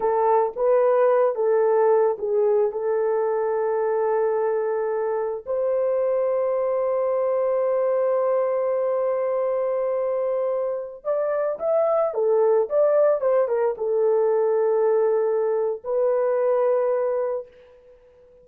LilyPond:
\new Staff \with { instrumentName = "horn" } { \time 4/4 \tempo 4 = 110 a'4 b'4. a'4. | gis'4 a'2.~ | a'2 c''2~ | c''1~ |
c''1~ | c''16 d''4 e''4 a'4 d''8.~ | d''16 c''8 ais'8 a'2~ a'8.~ | a'4 b'2. | }